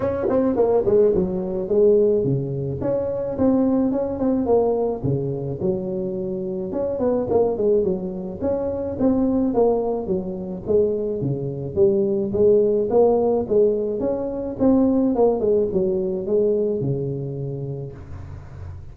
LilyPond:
\new Staff \with { instrumentName = "tuba" } { \time 4/4 \tempo 4 = 107 cis'8 c'8 ais8 gis8 fis4 gis4 | cis4 cis'4 c'4 cis'8 c'8 | ais4 cis4 fis2 | cis'8 b8 ais8 gis8 fis4 cis'4 |
c'4 ais4 fis4 gis4 | cis4 g4 gis4 ais4 | gis4 cis'4 c'4 ais8 gis8 | fis4 gis4 cis2 | }